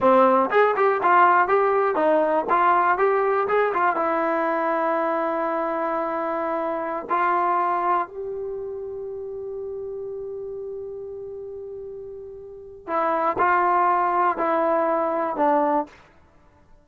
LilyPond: \new Staff \with { instrumentName = "trombone" } { \time 4/4 \tempo 4 = 121 c'4 gis'8 g'8 f'4 g'4 | dis'4 f'4 g'4 gis'8 f'8 | e'1~ | e'2~ e'16 f'4.~ f'16~ |
f'16 g'2.~ g'8.~ | g'1~ | g'2 e'4 f'4~ | f'4 e'2 d'4 | }